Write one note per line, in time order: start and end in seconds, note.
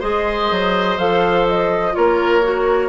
0.00 0.51 G#3
0.00 0.98 G#4
0.00 1.94 C5
0.00 0.98 D#5
0.51 0.98 F#3
0.98 1.95 F3
0.98 1.93 A4
0.98 1.47 F5
1.48 1.95 D#5
1.93 2.89 A#3
1.93 2.41 F4
1.93 2.89 A#4
1.93 2.89 C#5
2.43 2.89 F#4